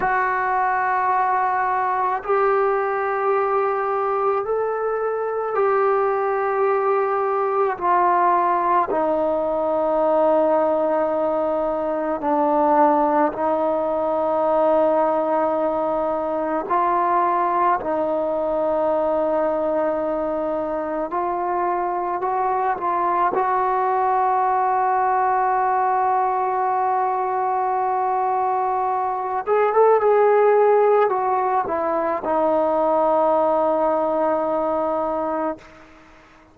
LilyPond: \new Staff \with { instrumentName = "trombone" } { \time 4/4 \tempo 4 = 54 fis'2 g'2 | a'4 g'2 f'4 | dis'2. d'4 | dis'2. f'4 |
dis'2. f'4 | fis'8 f'8 fis'2.~ | fis'2~ fis'8 gis'16 a'16 gis'4 | fis'8 e'8 dis'2. | }